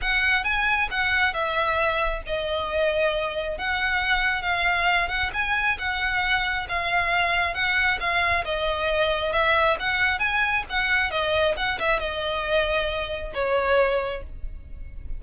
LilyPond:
\new Staff \with { instrumentName = "violin" } { \time 4/4 \tempo 4 = 135 fis''4 gis''4 fis''4 e''4~ | e''4 dis''2. | fis''2 f''4. fis''8 | gis''4 fis''2 f''4~ |
f''4 fis''4 f''4 dis''4~ | dis''4 e''4 fis''4 gis''4 | fis''4 dis''4 fis''8 e''8 dis''4~ | dis''2 cis''2 | }